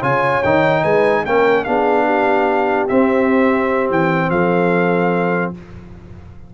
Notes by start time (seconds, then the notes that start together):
0.00 C#3 F4 C#5 G#5
0.42 D#3 D#4 G5
0.82 G#3 B4 G#5
1.23 A#3 C#4 A#4 G5
1.64 B3 D4 G#4 F5
2.05 G4
2.88 C4 E5
3.90 E3 G5
4.30 F3 A4 F5